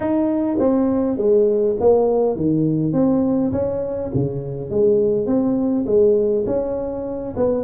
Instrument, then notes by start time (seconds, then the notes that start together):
tuba
0.00 D#4
0.59 C4
1.17 G#3
1.79 A#3
2.36 D#3
2.92 C4
3.51 C#4
4.14 C#3
4.70 G#3
5.26 C4
5.86 G#3
6.46 C#4
7.36 B3